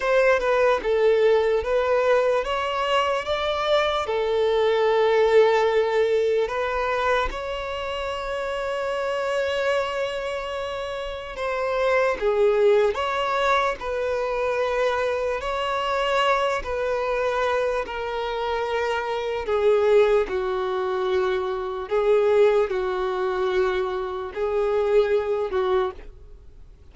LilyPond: \new Staff \with { instrumentName = "violin" } { \time 4/4 \tempo 4 = 74 c''8 b'8 a'4 b'4 cis''4 | d''4 a'2. | b'4 cis''2.~ | cis''2 c''4 gis'4 |
cis''4 b'2 cis''4~ | cis''8 b'4. ais'2 | gis'4 fis'2 gis'4 | fis'2 gis'4. fis'8 | }